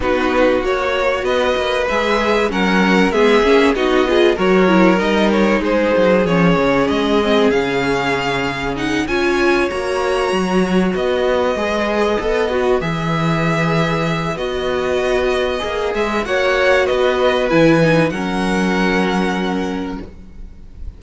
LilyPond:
<<
  \new Staff \with { instrumentName = "violin" } { \time 4/4 \tempo 4 = 96 b'4 cis''4 dis''4 e''4 | fis''4 e''4 dis''4 cis''4 | dis''8 cis''8 c''4 cis''4 dis''4 | f''2 fis''8 gis''4 ais''8~ |
ais''4. dis''2~ dis''8~ | dis''8 e''2~ e''8 dis''4~ | dis''4. e''8 fis''4 dis''4 | gis''4 fis''2. | }
  \new Staff \with { instrumentName = "violin" } { \time 4/4 fis'2 b'2 | ais'4 gis'4 fis'8 gis'8 ais'4~ | ais'4 gis'2.~ | gis'2~ gis'8 cis''4.~ |
cis''4. b'2~ b'8~ | b'1~ | b'2 cis''4 b'4~ | b'4 ais'2. | }
  \new Staff \with { instrumentName = "viola" } { \time 4/4 dis'4 fis'2 gis'4 | cis'4 b8 cis'8 dis'8 f'8 fis'8 e'8 | dis'2 cis'4. c'8 | cis'2 dis'8 f'4 fis'8~ |
fis'2~ fis'8 gis'4 a'8 | fis'8 gis'2~ gis'8 fis'4~ | fis'4 gis'4 fis'2 | e'8 dis'8 cis'2. | }
  \new Staff \with { instrumentName = "cello" } { \time 4/4 b4 ais4 b8 ais8 gis4 | fis4 gis8 ais8 b4 fis4 | g4 gis8 fis8 f8 cis8 gis4 | cis2~ cis8 cis'4 ais8~ |
ais8 fis4 b4 gis4 b8~ | b8 e2~ e8 b4~ | b4 ais8 gis8 ais4 b4 | e4 fis2. | }
>>